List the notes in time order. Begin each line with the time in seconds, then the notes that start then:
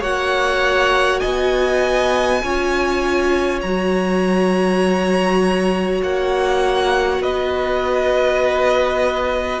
0.00 A#3 F#4 C#5 F#5
1.19 B3 D#5 G#5
2.42 C#4 F4 C#5
3.61 F#3 F#4 A#5
6.02 A#3 F#5
7.19 B3 B4 D#5